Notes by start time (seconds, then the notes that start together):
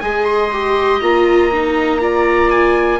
0.00 G#3 G#4 D#5 G#5
0.25 C6
0.52 G4
1.01 A#3 F4 A#5
1.52 D#4
2.00 F4 D5
2.50 G#5